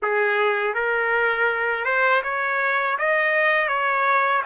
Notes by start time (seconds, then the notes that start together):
0.02 G#4
0.74 A#4
1.85 C5
2.23 C#5
2.98 D#5
3.68 C#5